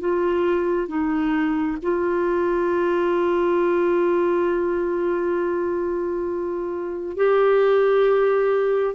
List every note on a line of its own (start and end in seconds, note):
0.00 0.88 F4
0.88 1.77 D#4
1.82 7.17 F4
7.17 8.95 G4